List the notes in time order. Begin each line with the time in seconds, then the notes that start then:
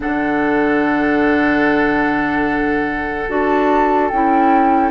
0.00 D3 D4 A4 F#5
3.28 D4 F#4 A5
4.09 C#4 E4 G5